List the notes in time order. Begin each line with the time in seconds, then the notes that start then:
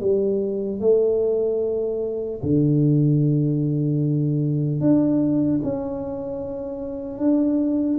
0.00 G3
0.80 A3
2.42 D3
4.80 D4
5.63 C#4
7.18 D4